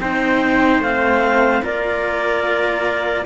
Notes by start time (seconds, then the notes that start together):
0.00 C4 D#4 C5 G5
0.79 A3 C4 F5
1.62 A#3 F4 A#4 D5